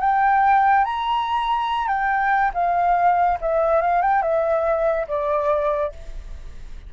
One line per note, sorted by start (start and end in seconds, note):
0.00 0.85 G5
0.85 1.88 A#5
1.88 2.51 G5
2.54 3.38 F5
3.41 3.81 E5
3.81 4.02 F5
4.02 4.22 G5
4.22 5.07 E5
5.08 5.92 D5